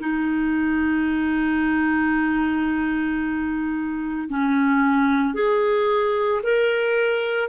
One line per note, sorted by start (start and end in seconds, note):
0.00 4.29 D#4
4.29 5.34 C#4
5.34 6.41 G#4
6.43 7.49 A#4